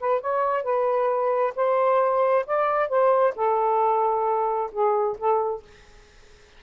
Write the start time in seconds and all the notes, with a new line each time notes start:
0.00 B4
0.21 C#5
0.63 B4
1.55 C5
2.46 D5
2.89 C5
3.35 A4
4.72 G#4
5.18 A4